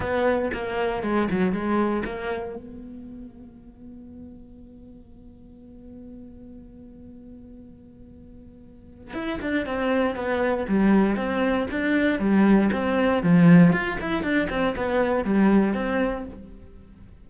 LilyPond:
\new Staff \with { instrumentName = "cello" } { \time 4/4 \tempo 4 = 118 b4 ais4 gis8 fis8 gis4 | ais4 b2.~ | b1~ | b1~ |
b2 e'8 d'8 c'4 | b4 g4 c'4 d'4 | g4 c'4 f4 f'8 e'8 | d'8 c'8 b4 g4 c'4 | }